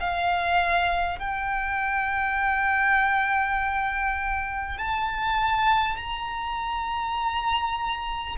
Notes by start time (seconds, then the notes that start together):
0.00 F5
1.18 G5
4.78 A5
5.96 A#5